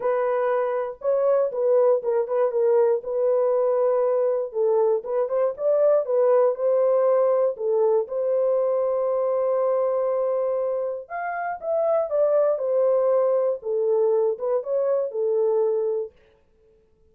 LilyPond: \new Staff \with { instrumentName = "horn" } { \time 4/4 \tempo 4 = 119 b'2 cis''4 b'4 | ais'8 b'8 ais'4 b'2~ | b'4 a'4 b'8 c''8 d''4 | b'4 c''2 a'4 |
c''1~ | c''2 f''4 e''4 | d''4 c''2 a'4~ | a'8 b'8 cis''4 a'2 | }